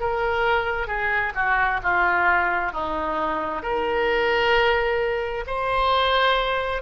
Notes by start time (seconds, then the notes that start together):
0.00 A#4
0.87 G#4
1.35 F#4
1.83 F4
2.72 D#4
3.62 A#4
5.47 C5